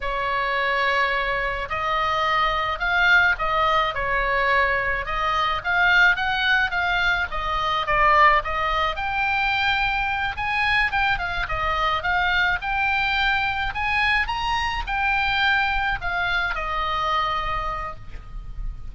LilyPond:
\new Staff \with { instrumentName = "oboe" } { \time 4/4 \tempo 4 = 107 cis''2. dis''4~ | dis''4 f''4 dis''4 cis''4~ | cis''4 dis''4 f''4 fis''4 | f''4 dis''4 d''4 dis''4 |
g''2~ g''8 gis''4 g''8 | f''8 dis''4 f''4 g''4.~ | g''8 gis''4 ais''4 g''4.~ | g''8 f''4 dis''2~ dis''8 | }